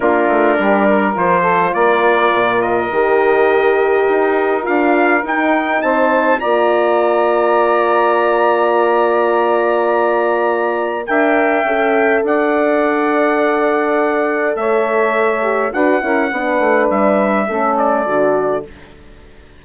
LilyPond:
<<
  \new Staff \with { instrumentName = "trumpet" } { \time 4/4 \tempo 4 = 103 ais'2 c''4 d''4~ | d''8 dis''2.~ dis''8 | f''4 g''4 a''4 ais''4~ | ais''1~ |
ais''2. g''4~ | g''4 fis''2.~ | fis''4 e''2 fis''4~ | fis''4 e''4. d''4. | }
  \new Staff \with { instrumentName = "saxophone" } { \time 4/4 f'4 g'8 ais'4 a'8 ais'4~ | ais'1~ | ais'2 c''4 d''4~ | d''1~ |
d''2. e''4~ | e''4 d''2.~ | d''4 cis''2 b'8 ais'8 | b'2 a'2 | }
  \new Staff \with { instrumentName = "horn" } { \time 4/4 d'2 f'2~ | f'4 g'2. | f'4 dis'2 f'4~ | f'1~ |
f'2. ais'4 | a'1~ | a'2~ a'8 g'8 fis'8 e'8 | d'2 cis'4 fis'4 | }
  \new Staff \with { instrumentName = "bassoon" } { \time 4/4 ais8 a8 g4 f4 ais4 | ais,4 dis2 dis'4 | d'4 dis'4 c'4 ais4~ | ais1~ |
ais2. d'4 | cis'4 d'2.~ | d'4 a2 d'8 cis'8 | b8 a8 g4 a4 d4 | }
>>